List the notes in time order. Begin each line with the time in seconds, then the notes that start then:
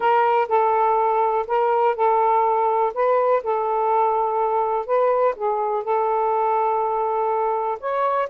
0.00 A#4
0.48 A4
1.47 A#4
1.95 A4
2.94 B4
3.43 A4
4.86 B4
5.36 G#4
5.83 A4
7.80 C#5